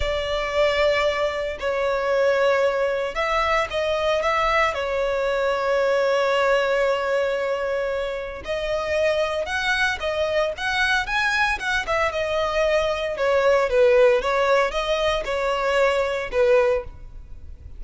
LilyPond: \new Staff \with { instrumentName = "violin" } { \time 4/4 \tempo 4 = 114 d''2. cis''4~ | cis''2 e''4 dis''4 | e''4 cis''2.~ | cis''1 |
dis''2 fis''4 dis''4 | fis''4 gis''4 fis''8 e''8 dis''4~ | dis''4 cis''4 b'4 cis''4 | dis''4 cis''2 b'4 | }